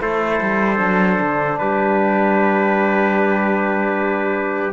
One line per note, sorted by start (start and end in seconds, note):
0.00 0.41 A3
0.00 0.77 E4
0.00 1.60 A4
0.00 1.59 C5
0.41 0.80 G3
0.77 1.19 F#3
0.77 4.72 D4
1.22 1.61 D3
1.59 4.73 G3
1.59 4.73 G4
1.59 4.73 B4